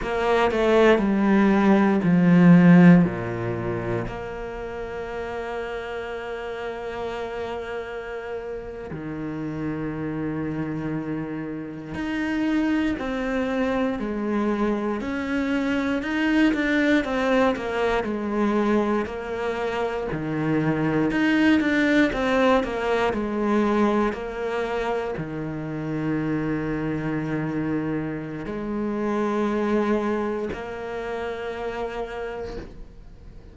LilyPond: \new Staff \with { instrumentName = "cello" } { \time 4/4 \tempo 4 = 59 ais8 a8 g4 f4 ais,4 | ais1~ | ais8. dis2. dis'16~ | dis'8. c'4 gis4 cis'4 dis'16~ |
dis'16 d'8 c'8 ais8 gis4 ais4 dis16~ | dis8. dis'8 d'8 c'8 ais8 gis4 ais16~ | ais8. dis2.~ dis16 | gis2 ais2 | }